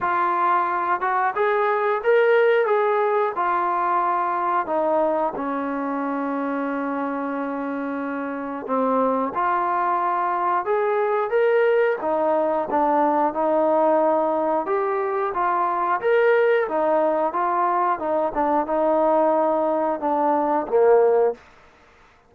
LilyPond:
\new Staff \with { instrumentName = "trombone" } { \time 4/4 \tempo 4 = 90 f'4. fis'8 gis'4 ais'4 | gis'4 f'2 dis'4 | cis'1~ | cis'4 c'4 f'2 |
gis'4 ais'4 dis'4 d'4 | dis'2 g'4 f'4 | ais'4 dis'4 f'4 dis'8 d'8 | dis'2 d'4 ais4 | }